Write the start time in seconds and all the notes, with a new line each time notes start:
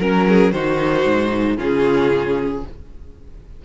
0.00 F#3 C#4 A#4
0.28 G#4
0.52 D#3 D#4 F#4 C5
1.06 G#2
1.57 C#3 C#4 F4 G#4